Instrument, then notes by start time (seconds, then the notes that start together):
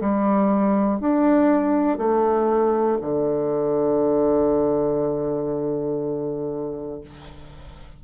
bassoon
0.00 G3
1.00 D4
1.98 A3
3.00 D3